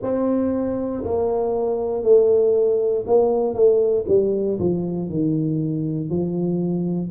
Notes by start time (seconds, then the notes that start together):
0.02 C4
1.04 A#3
2.02 A3
3.06 A#3
3.54 A3
4.07 G3
4.59 F3
5.08 D#3
6.09 F3